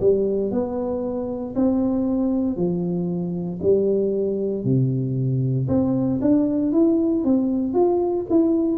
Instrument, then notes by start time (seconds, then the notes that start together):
tuba
0.00 G3
0.51 B3
1.55 C4
2.56 F3
3.62 G3
4.64 C3
5.68 C4
6.21 D4
6.72 E4
7.24 C4
7.74 F4
8.30 E4